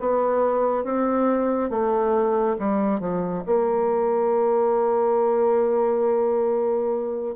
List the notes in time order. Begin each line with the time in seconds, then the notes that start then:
0.00 B3
0.84 C4
1.70 A3
2.58 G3
3.00 F3
3.45 A#3